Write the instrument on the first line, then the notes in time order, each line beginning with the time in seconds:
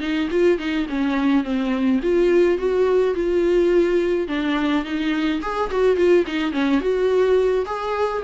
viola
0.00 D#4
0.31 F4
0.58 D#4
0.89 C#4
1.44 C4
2.02 F4
2.58 F#4
3.14 F4
4.28 D4
4.85 D#4
5.42 G#4
5.71 F#4
5.96 F4
6.27 D#4
6.52 C#4
6.81 F#4
7.66 G#4